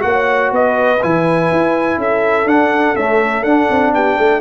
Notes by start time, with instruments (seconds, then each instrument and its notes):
0.00 tuba A#3, trombone F#4, horn C#5, trumpet F#5
0.52 tuba B3, horn B4, trumpet D#5
1.02 tuba E3, trombone E4, trumpet G#5
1.52 tuba E4
1.98 tuba C#4, horn A4, trumpet E5
2.45 tuba D4, trombone D4, trumpet F#5
2.96 trombone A3, tuba C#4, trumpet E5
3.44 tuba D4, trombone D4, trumpet F#5
3.70 tuba C4
3.94 tuba B3, horn G4, trumpet G5
4.17 tuba A3, horn A4